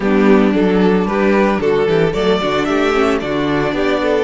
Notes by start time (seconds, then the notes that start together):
0.00 G3 B3 D4 G4
0.52 F#3 D4 A4
1.05 G3 G4 B4
1.60 D3 F#4 A4
1.87 E3 G4
2.12 F#3 A3 A4 D5
2.40 D3 D4 F#4
2.64 A3 G4 E5
2.93 C#4
3.20 D3 D4 F#4 D5
3.72 B3 G4
4.02 A4